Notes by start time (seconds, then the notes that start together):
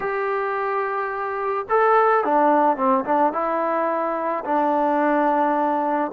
0.00 G4
1.69 A4
2.24 D4
2.76 C4
3.05 D4
3.32 E4
4.44 D4